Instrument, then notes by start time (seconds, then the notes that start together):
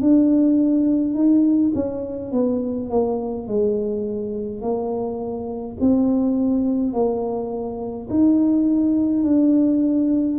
tuba
0.00 D4
1.14 D#4
1.74 C#4
2.31 B3
2.89 A#3
3.47 G#3
4.61 A#3
5.80 C4
6.93 A#3
8.09 D#4
9.23 D4